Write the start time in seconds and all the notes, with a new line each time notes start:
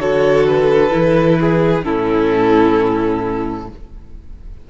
0.00 D3 F#4 A4 C#5
0.48 B4
0.91 E3 E4
1.40 G#4
1.83 A2 C#4 E4 A4